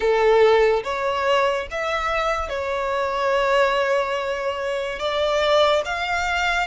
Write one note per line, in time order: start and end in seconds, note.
0.00 0.83 A4
0.83 1.67 C#5
1.70 2.48 E5
2.48 4.98 C#5
4.98 5.82 D5
5.85 6.66 F5